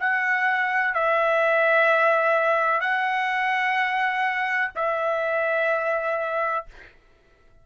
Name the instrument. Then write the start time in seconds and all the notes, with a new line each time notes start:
trumpet
0.00 F#5
0.94 E5
2.81 F#5
4.75 E5